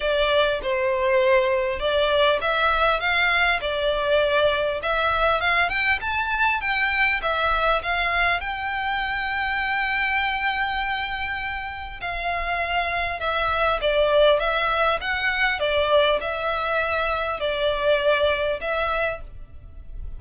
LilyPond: \new Staff \with { instrumentName = "violin" } { \time 4/4 \tempo 4 = 100 d''4 c''2 d''4 | e''4 f''4 d''2 | e''4 f''8 g''8 a''4 g''4 | e''4 f''4 g''2~ |
g''1 | f''2 e''4 d''4 | e''4 fis''4 d''4 e''4~ | e''4 d''2 e''4 | }